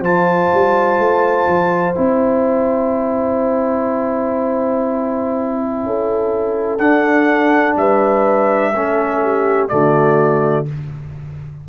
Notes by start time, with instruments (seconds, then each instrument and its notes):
0.00 tuba F3, trombone F4, horn C5, trumpet A5
0.53 tuba G3
0.98 tuba A3
1.47 tuba F3
1.95 tuba C4, trombone E4, trumpet G5
5.84 tuba C#4, horn A4
6.78 tuba D4, trombone D4, trumpet F#5
7.76 tuba G3, horn B4, trumpet E5
8.72 tuba A3, trombone C#4, horn A4
9.22 horn G4
9.68 tuba D3, trombone A3, horn F#4, trumpet D5